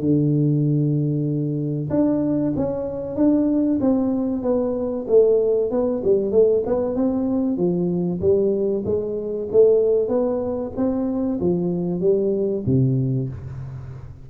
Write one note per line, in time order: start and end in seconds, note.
0.00 1.89 D3
1.90 2.53 D4
2.57 3.16 C#4
3.16 3.80 D4
3.81 4.43 C4
4.43 5.06 B3
5.08 5.71 A3
5.71 6.03 B3
6.04 6.32 G3
6.32 6.63 A3
6.66 6.95 B3
6.95 7.58 C4
7.58 8.21 F3
8.21 8.84 G3
8.85 9.49 G#3
9.52 10.09 A3
10.09 10.72 B3
10.77 11.40 C4
11.41 12.01 F3
12.01 12.64 G3
12.66 13.29 C3